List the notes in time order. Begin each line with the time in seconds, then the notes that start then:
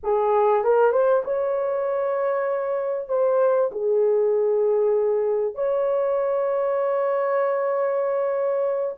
0.03 G#4
0.64 A#4
0.92 C5
1.24 C#5
3.08 C5
3.71 G#4
5.54 C#5